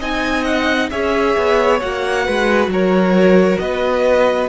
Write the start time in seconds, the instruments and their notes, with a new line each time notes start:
0.00 cello C4, viola D#4, violin D#5 G#5
0.45 violin F#5
0.90 cello C#4, viola G#4, violin C#5 E5
1.37 cello B3
1.80 cello A#3, viola F#4, violin F#5
2.25 cello G#3, violin B4
2.68 cello F#3, violin A#4 C#5
3.59 cello B3, violin B4 D#5